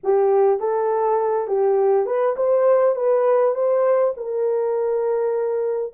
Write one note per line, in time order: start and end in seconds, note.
0.03 0.59 G4
0.59 1.47 A4
1.47 2.06 G4
2.06 2.35 B4
2.36 2.95 C5
2.95 3.54 B4
3.54 4.14 C5
4.16 5.93 A#4